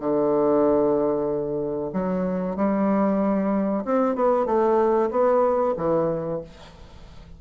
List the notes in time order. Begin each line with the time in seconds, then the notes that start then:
0.00 D3
1.93 F#3
2.56 G3
3.85 C4
4.15 B3
4.46 A3
5.11 B3
5.77 E3